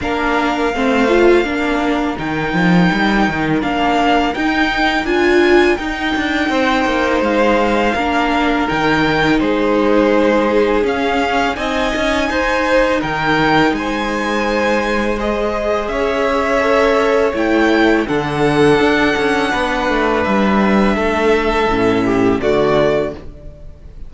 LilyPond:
<<
  \new Staff \with { instrumentName = "violin" } { \time 4/4 \tempo 4 = 83 f''2. g''4~ | g''4 f''4 g''4 gis''4 | g''2 f''2 | g''4 c''2 f''4 |
gis''2 g''4 gis''4~ | gis''4 dis''4 e''2 | g''4 fis''2. | e''2. d''4 | }
  \new Staff \with { instrumentName = "violin" } { \time 4/4 ais'4 c''4 ais'2~ | ais'1~ | ais'4 c''2 ais'4~ | ais'4 gis'2. |
dis''4 c''4 ais'4 c''4~ | c''2 cis''2~ | cis''4 a'2 b'4~ | b'4 a'4. g'8 fis'4 | }
  \new Staff \with { instrumentName = "viola" } { \time 4/4 d'4 c'8 f'8 d'4 dis'4~ | dis'4 d'4 dis'4 f'4 | dis'2. d'4 | dis'2. cis'4 |
dis'1~ | dis'4 gis'2 a'4 | e'4 d'2.~ | d'2 cis'4 a4 | }
  \new Staff \with { instrumentName = "cello" } { \time 4/4 ais4 a4 ais4 dis8 f8 | g8 dis8 ais4 dis'4 d'4 | dis'8 d'8 c'8 ais8 gis4 ais4 | dis4 gis2 cis'4 |
c'8 cis'8 dis'4 dis4 gis4~ | gis2 cis'2 | a4 d4 d'8 cis'8 b8 a8 | g4 a4 a,4 d4 | }
>>